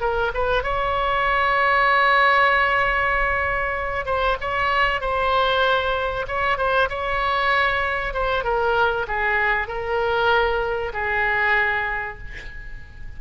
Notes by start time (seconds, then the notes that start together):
0.00 A#4
0.34 B4
0.63 C#5
4.05 C5
4.41 C#5
5.01 C5
6.27 C#5
6.57 C5
6.89 C#5
8.13 C5
8.44 A#4
9.07 G#4
9.67 A#4
10.93 G#4